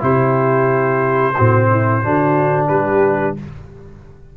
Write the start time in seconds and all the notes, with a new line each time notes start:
0.00 C3 E4 G4 C5
1.35 A2 C4 F#4
1.70 E4
2.03 D3 D4 F#4
2.67 G3 G4 B4